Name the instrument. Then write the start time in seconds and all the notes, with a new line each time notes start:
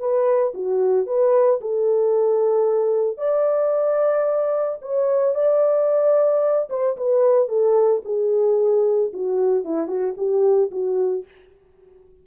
horn
0.00 B4
0.54 F#4
1.07 B4
1.61 A4
3.18 D5
4.82 C#5
5.35 D5
6.70 C5
6.97 B4
7.49 A4
8.05 G#4
9.13 F#4
9.65 E4
9.88 F#4
10.17 G4
10.72 F#4